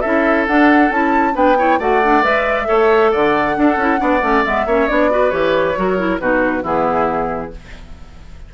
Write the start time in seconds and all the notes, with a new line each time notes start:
0.00 C#4 E4 A4 E5
0.47 D4 F#5
0.90 C#4 E4 A5
1.33 B3 D4 B4 G5
1.58 E4 C#5
1.79 A3 F#4 D5 F#5
2.03 D4
2.22 G#3 B4 E5
2.65 A3 A4 C#5
3.11 D3 D5 F#5
3.56 D4 A4
3.76 C#4 E4
3.97 B3 D4 D5
4.22 A3 C#4
4.44 G#3 B3 E5
4.66 A#3 C#4 C#5
4.87 B3 D4 D5
5.10 F#4 B4
5.30 E3 G4 C#5
5.75 F#3 F#4 A#4
5.97 E4
6.19 B2 D#4 F#4 B4
6.62 E3 B3 E4 G#4